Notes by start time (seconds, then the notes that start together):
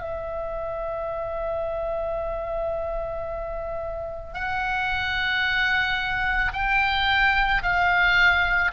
0.00 E5
4.33 F#5
6.53 G5
7.62 F5